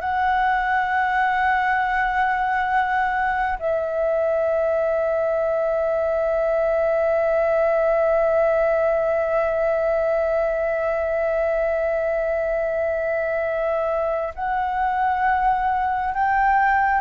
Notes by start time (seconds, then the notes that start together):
0.00 F#5
3.59 E5
14.35 F#5
16.14 G5